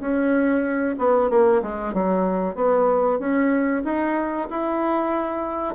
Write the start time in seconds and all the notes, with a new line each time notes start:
0.00 C#4
0.99 B3
1.30 A#3
1.63 G#3
1.94 F#3
2.56 B3
3.19 C#4
3.85 D#4
4.50 E4